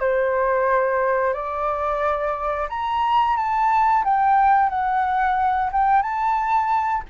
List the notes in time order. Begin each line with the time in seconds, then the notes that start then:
0.00 C5
1.34 D5
2.69 A#5
3.37 A5
4.04 G5
4.70 F#5
5.72 G5
6.02 A5